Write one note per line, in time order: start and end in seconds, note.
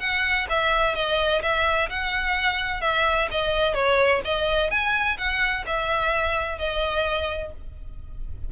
0.00 0.47 F#5
0.50 0.95 E5
0.95 1.42 D#5
1.43 1.89 E5
1.90 2.81 F#5
2.81 3.28 E5
3.32 3.75 D#5
3.75 4.21 C#5
4.25 4.71 D#5
4.71 5.18 G#5
5.18 5.65 F#5
5.67 6.58 E5
6.58 7.52 D#5